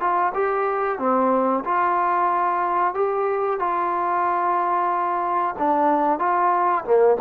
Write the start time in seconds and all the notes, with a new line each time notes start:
0.00 F4
0.34 G4
0.99 C4
1.65 F4
2.94 G4
3.60 F4
5.59 D4
6.19 F4
6.84 A#3